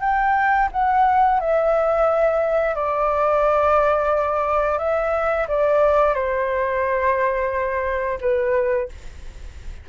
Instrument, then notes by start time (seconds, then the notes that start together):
flute
0.00 G5
0.72 F#5
1.40 E5
2.75 D5
4.78 E5
5.48 D5
6.14 C5
8.20 B4